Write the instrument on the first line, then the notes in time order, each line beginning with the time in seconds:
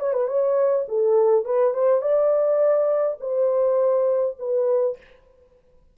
horn
0.00 C#5
0.13 B4
0.27 C#5
0.88 A4
1.45 B4
1.73 C5
2.01 D5
3.20 C5
4.39 B4